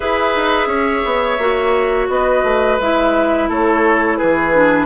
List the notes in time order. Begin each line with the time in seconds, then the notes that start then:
0.00 E4 G#4 B4 E5
0.35 D#4
0.66 C#4 C#5
1.04 B3
1.38 A#3 F#4
2.09 B3 B4 D#5
2.43 A3
2.79 G#3 E4 E5
3.49 A3 A4 C#5
4.17 E3 G#4 B4
4.53 D4